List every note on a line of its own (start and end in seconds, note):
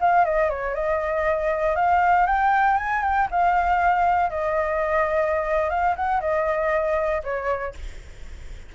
0.00 0.24 F5
0.24 0.49 D#5
0.49 0.74 C#5
0.74 1.75 D#5
1.75 2.26 F5
2.26 2.76 G5
2.76 3.02 G#5
3.02 3.28 G5
3.30 4.30 F5
4.30 5.69 D#5
5.69 5.95 F5
5.95 6.20 F#5
6.20 7.22 D#5
7.23 7.74 C#5